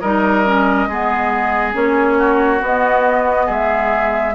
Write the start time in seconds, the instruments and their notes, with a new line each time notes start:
0.00 bassoon G3, clarinet D#4, oboe A#4, flute D#5
0.44 clarinet C#4
0.87 bassoon G#3, clarinet B3, oboe G#4
1.72 bassoon A#3, clarinet C#4, flute C#5
2.18 oboe F#4
2.59 clarinet B3, bassoon B3, flute D#5
3.46 bassoon G#3, oboe G#4, flute E5